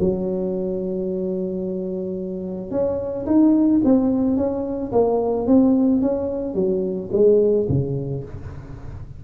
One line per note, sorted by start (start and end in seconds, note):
0.00 2.71 F#3
2.71 3.26 C#4
3.27 3.82 D#4
3.85 4.37 C4
4.37 4.92 C#4
4.92 5.47 A#3
5.47 6.02 C4
6.02 6.55 C#4
6.55 7.10 F#3
7.12 7.67 G#3
7.69 8.24 C#3